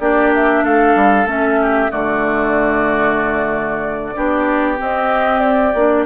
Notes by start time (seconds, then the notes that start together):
0.00 A#3 D4 G4 D5
0.35 E5
0.64 A3 A4 F5
0.96 G3
1.26 A3 C#4 E5
1.62 G4
1.89 D3 A3 F#4 D5
4.15 B3 D4 G4
4.77 C4 D#5
5.40 D5
5.75 A#3 D4